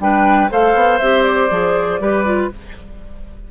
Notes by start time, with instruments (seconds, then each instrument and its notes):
0.00 bassoon G3, clarinet D4, oboe B4, flute G5
0.50 bassoon A3, clarinet A4, oboe C5, flute F5
0.75 bassoon B3
0.99 bassoon C4, clarinet G4, flute E5
1.23 flute D5
1.51 bassoon F3, clarinet G#4
2.00 bassoon G3, clarinet G4, oboe B4
2.25 clarinet F4